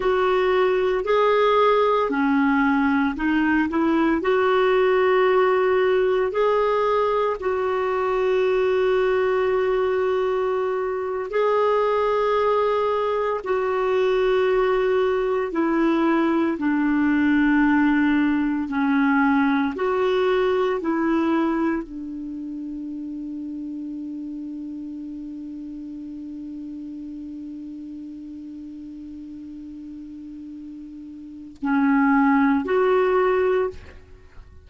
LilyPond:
\new Staff \with { instrumentName = "clarinet" } { \time 4/4 \tempo 4 = 57 fis'4 gis'4 cis'4 dis'8 e'8 | fis'2 gis'4 fis'4~ | fis'2~ fis'8. gis'4~ gis'16~ | gis'8. fis'2 e'4 d'16~ |
d'4.~ d'16 cis'4 fis'4 e'16~ | e'8. d'2.~ d'16~ | d'1~ | d'2 cis'4 fis'4 | }